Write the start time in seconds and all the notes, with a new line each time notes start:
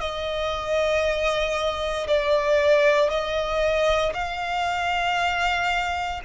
0.00 D#5
2.07 D5
3.09 D#5
4.14 F5